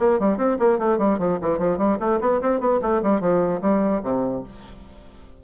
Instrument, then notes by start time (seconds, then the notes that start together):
bassoon
0.00 A#3
0.20 G3
0.38 C4
0.59 A#3
0.79 A3
0.99 G3
1.19 F3
1.42 E3
1.59 F3
1.78 G3
2.00 A3
2.21 B3
2.42 C4
2.61 B3
2.82 A3
3.03 G3
3.21 F3
3.62 G3
4.03 C3